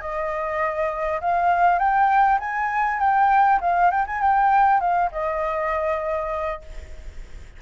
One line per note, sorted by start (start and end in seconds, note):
0.00 1.20 D#5
1.20 1.78 F5
1.78 2.38 G5
2.39 2.99 G#5
2.99 3.59 G5
3.61 3.90 F5
3.90 4.05 G5
4.06 4.21 G#5
4.21 4.80 G5
4.80 5.10 F5
5.11 6.61 D#5